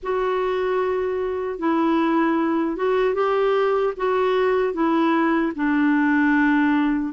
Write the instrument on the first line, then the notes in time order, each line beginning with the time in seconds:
clarinet
0.03 F#4
1.58 E4
2.76 F#4
3.14 G4
3.97 F#4
4.73 E4
5.55 D4